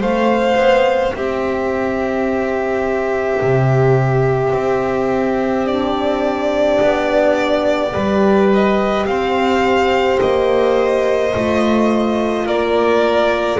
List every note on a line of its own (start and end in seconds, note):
0.00 0.56 A3
0.00 5.65 C4
0.00 1.14 C5
0.00 1.16 F5
0.56 1.13 B3
1.14 3.41 C4
1.14 7.93 G4
1.14 5.67 E5
3.42 4.53 C3
4.53 6.79 C4
5.65 7.91 D4
5.65 8.50 D5
6.81 7.95 B3
7.93 9.07 G3
7.93 11.33 G4
7.93 9.07 B4
8.54 9.07 D#5
9.07 10.20 C4
9.07 12.46 C5
9.07 10.20 F5
10.21 11.34 A#3
10.21 12.47 D#5
11.35 12.46 A3
11.35 13.60 F4
12.46 13.59 A#3
12.46 13.59 A#4
12.46 13.60 D5